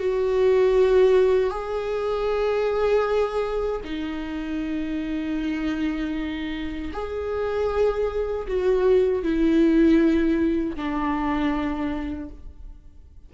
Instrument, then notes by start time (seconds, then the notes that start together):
viola
0.00 F#4
1.51 G#4
3.85 D#4
6.94 G#4
8.48 F#4
9.23 E4
10.76 D4